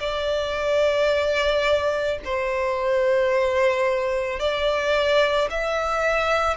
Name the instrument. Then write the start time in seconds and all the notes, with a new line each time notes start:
violin
0.00 D5
2.25 C5
4.39 D5
5.50 E5